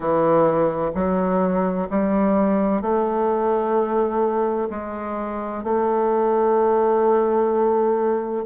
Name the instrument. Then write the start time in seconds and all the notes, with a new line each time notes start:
bassoon
0.00 E3
0.94 F#3
1.90 G3
2.81 A3
4.70 G#3
5.63 A3